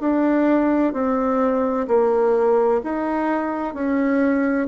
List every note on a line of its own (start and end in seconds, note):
0.00 0.93 D4
0.93 1.87 C4
1.87 2.81 A#3
2.84 3.74 D#4
3.74 4.67 C#4